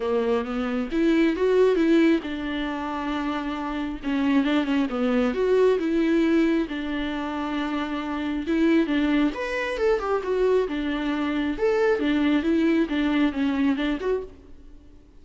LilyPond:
\new Staff \with { instrumentName = "viola" } { \time 4/4 \tempo 4 = 135 ais4 b4 e'4 fis'4 | e'4 d'2.~ | d'4 cis'4 d'8 cis'8 b4 | fis'4 e'2 d'4~ |
d'2. e'4 | d'4 b'4 a'8 g'8 fis'4 | d'2 a'4 d'4 | e'4 d'4 cis'4 d'8 fis'8 | }